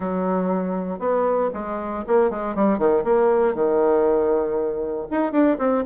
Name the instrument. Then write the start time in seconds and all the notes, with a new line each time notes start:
bassoon
0.00 F#3
0.99 B3
1.53 G#3
2.07 A#3
2.30 G#3
2.55 G3
2.78 D#3
3.04 A#3
3.54 D#3
5.11 D#4
5.32 D4
5.58 C4